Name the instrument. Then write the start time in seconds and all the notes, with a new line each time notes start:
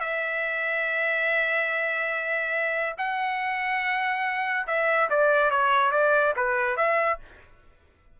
trumpet
0.00 E5
2.98 F#5
4.67 E5
5.10 D5
5.51 C#5
5.92 D5
6.36 B4
6.76 E5